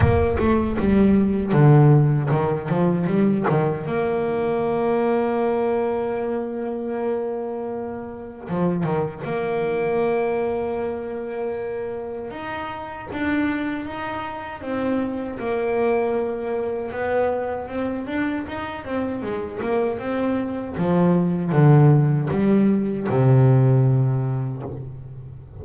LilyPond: \new Staff \with { instrumentName = "double bass" } { \time 4/4 \tempo 4 = 78 ais8 a8 g4 d4 dis8 f8 | g8 dis8 ais2.~ | ais2. f8 dis8 | ais1 |
dis'4 d'4 dis'4 c'4 | ais2 b4 c'8 d'8 | dis'8 c'8 gis8 ais8 c'4 f4 | d4 g4 c2 | }